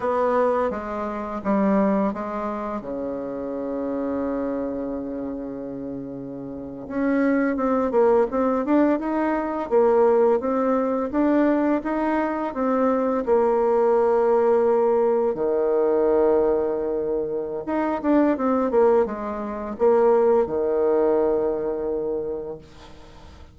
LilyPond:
\new Staff \with { instrumentName = "bassoon" } { \time 4/4 \tempo 4 = 85 b4 gis4 g4 gis4 | cis1~ | cis4.~ cis16 cis'4 c'8 ais8 c'16~ | c'16 d'8 dis'4 ais4 c'4 d'16~ |
d'8. dis'4 c'4 ais4~ ais16~ | ais4.~ ais16 dis2~ dis16~ | dis4 dis'8 d'8 c'8 ais8 gis4 | ais4 dis2. | }